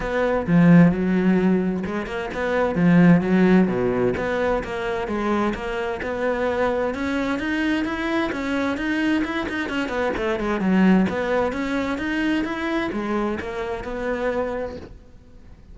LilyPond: \new Staff \with { instrumentName = "cello" } { \time 4/4 \tempo 4 = 130 b4 f4 fis2 | gis8 ais8 b4 f4 fis4 | b,4 b4 ais4 gis4 | ais4 b2 cis'4 |
dis'4 e'4 cis'4 dis'4 | e'8 dis'8 cis'8 b8 a8 gis8 fis4 | b4 cis'4 dis'4 e'4 | gis4 ais4 b2 | }